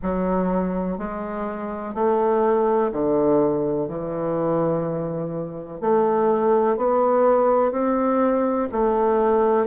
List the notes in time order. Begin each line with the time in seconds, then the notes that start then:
0.02 F#3
0.98 G#3
1.94 A3
2.92 D3
3.88 E3
5.81 A3
6.76 B3
7.71 C4
8.72 A3